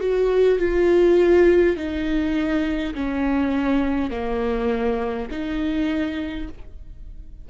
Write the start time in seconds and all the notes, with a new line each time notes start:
0.00 F#4
0.59 F4
1.76 D#4
2.94 C#4
4.10 A#3
5.30 D#4